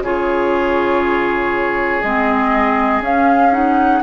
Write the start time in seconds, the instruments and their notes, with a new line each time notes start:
0.00 bassoon C#3, clarinet F4, oboe G#4, flute C#5
2.02 bassoon G#3, clarinet C4, flute D#5
3.00 bassoon C#4, clarinet C#4, flute F5
3.52 clarinet D#4, flute F#5